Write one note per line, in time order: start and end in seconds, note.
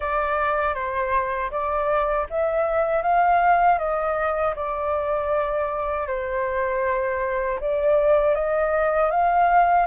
0.00 0.74 D5
0.74 1.50 C5
1.51 2.26 D5
2.30 3.02 E5
3.02 3.78 F5
3.78 4.54 D#5
4.55 6.07 D5
6.07 7.59 C5
7.60 8.34 D5
8.34 9.10 D#5
9.10 9.86 F5